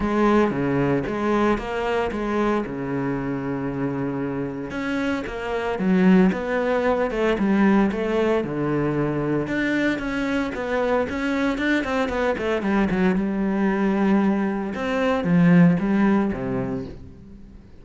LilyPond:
\new Staff \with { instrumentName = "cello" } { \time 4/4 \tempo 4 = 114 gis4 cis4 gis4 ais4 | gis4 cis2.~ | cis4 cis'4 ais4 fis4 | b4. a8 g4 a4 |
d2 d'4 cis'4 | b4 cis'4 d'8 c'8 b8 a8 | g8 fis8 g2. | c'4 f4 g4 c4 | }